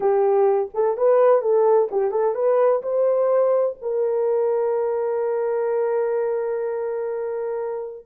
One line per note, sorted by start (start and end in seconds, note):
0.00 0.69 G4
0.74 0.97 A4
0.97 1.41 B4
1.41 1.88 A4
1.91 2.11 G4
2.11 2.34 A4
2.34 2.82 B4
2.82 3.76 C5
3.81 8.06 A#4